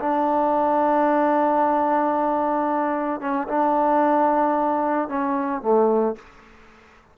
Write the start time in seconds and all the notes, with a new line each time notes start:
0.00 D4
3.21 C#4
3.48 D4
5.09 C#4
5.62 A3